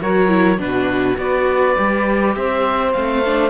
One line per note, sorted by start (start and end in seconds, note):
0.00 0.58 F#3
0.00 0.28 F#4
0.00 0.59 A#4
0.00 0.60 C#5
0.28 0.57 E4
0.57 1.17 B2
0.57 1.16 D4
0.57 1.18 F#4
0.57 1.18 B4
1.17 1.76 B3
1.17 1.75 F#4
1.17 2.36 B4
1.17 2.34 D5
1.75 2.36 G3
1.75 2.93 G4
2.34 2.95 C4
2.34 3.50 C5
2.34 2.92 E5
2.92 3.50 A3
2.92 3.22 C4
2.92 3.50 F5
3.25 3.50 D4